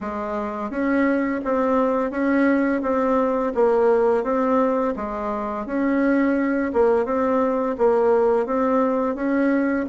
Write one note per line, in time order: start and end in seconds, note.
0.01 0.70 G#3
0.70 1.41 C#4
1.44 2.10 C4
2.10 2.81 C#4
2.82 3.52 C4
3.55 4.23 A#3
4.23 4.94 C4
4.96 5.66 G#3
5.66 6.72 C#4
6.73 7.05 A#3
7.05 7.76 C4
7.77 8.46 A#3
8.46 9.15 C4
9.15 9.85 C#4